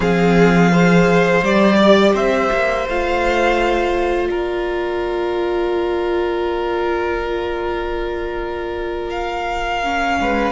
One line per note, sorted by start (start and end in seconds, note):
0.00 1.41 F3
0.00 0.71 C4
0.00 0.71 G#4
0.00 1.44 F5
0.71 1.42 G#4
0.71 1.75 C5
1.42 2.13 G3
1.42 2.86 G4
1.42 2.15 D5
1.75 2.11 D5
2.14 2.49 C4
2.14 4.28 C5
2.14 2.87 E5
2.51 2.87 A#3
2.87 4.29 A3
2.87 9.83 F4
2.87 4.27 F5
4.27 10.18 A#3
4.27 10.19 A#4
4.27 9.09 D5
9.09 10.51 F5
9.83 10.51 C#4
10.20 10.51 G#3
10.20 10.51 B4